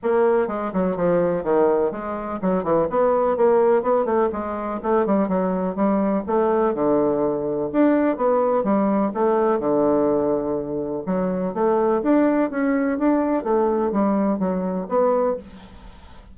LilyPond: \new Staff \with { instrumentName = "bassoon" } { \time 4/4 \tempo 4 = 125 ais4 gis8 fis8 f4 dis4 | gis4 fis8 e8 b4 ais4 | b8 a8 gis4 a8 g8 fis4 | g4 a4 d2 |
d'4 b4 g4 a4 | d2. fis4 | a4 d'4 cis'4 d'4 | a4 g4 fis4 b4 | }